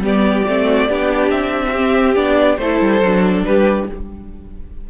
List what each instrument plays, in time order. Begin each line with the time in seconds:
0.00 cello G3, viola B3, violin G4 D5
0.47 cello A3, viola C4
0.66 violin F#4
0.88 cello B3, viola D4, violin G4
1.29 cello C4, violin E5
1.67 violin F#4 G4
1.76 viola C4
2.15 cello B3, viola D4, violin D5
2.57 cello A3, viola E4, violin A4 C5
2.80 cello G3
3.01 cello F#3, viola D4
3.44 cello G3, violin G4 B4